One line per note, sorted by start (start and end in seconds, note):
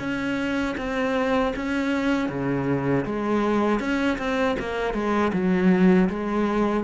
0.00 0.76 C#4
0.78 1.54 C4
1.56 2.30 C#4
2.30 3.06 C#3
3.06 3.80 G#3
3.80 4.18 C#4
4.19 4.57 C4
4.60 4.94 A#3
4.94 5.32 G#3
5.33 6.09 F#3
6.10 6.84 G#3